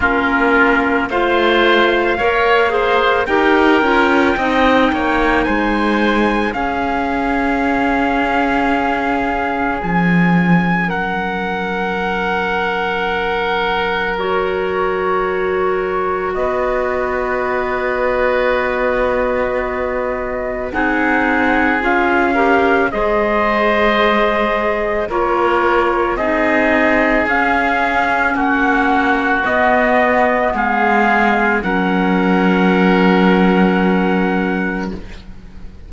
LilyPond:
<<
  \new Staff \with { instrumentName = "trumpet" } { \time 4/4 \tempo 4 = 55 ais'4 f''2 g''4~ | g''4 gis''4 f''2~ | f''4 gis''4 fis''2~ | fis''4 cis''2 dis''4~ |
dis''2. fis''4 | f''4 dis''2 cis''4 | dis''4 f''4 fis''4 dis''4 | f''4 fis''2. | }
  \new Staff \with { instrumentName = "oboe" } { \time 4/4 f'4 c''4 cis''8 c''8 ais'4 | dis''8 cis''8 c''4 gis'2~ | gis'2 ais'2~ | ais'2. b'4~ |
b'2. gis'4~ | gis'8 ais'8 c''2 ais'4 | gis'2 fis'2 | gis'4 ais'2. | }
  \new Staff \with { instrumentName = "clarinet" } { \time 4/4 cis'4 f'4 ais'8 gis'8 g'8 f'8 | dis'2 cis'2~ | cis'1~ | cis'4 fis'2.~ |
fis'2. dis'4 | f'8 g'8 gis'2 f'4 | dis'4 cis'2 b4~ | b4 cis'2. | }
  \new Staff \with { instrumentName = "cello" } { \time 4/4 ais4 a4 ais4 dis'8 cis'8 | c'8 ais8 gis4 cis'2~ | cis'4 f4 fis2~ | fis2. b4~ |
b2. c'4 | cis'4 gis2 ais4 | c'4 cis'4 ais4 b4 | gis4 fis2. | }
>>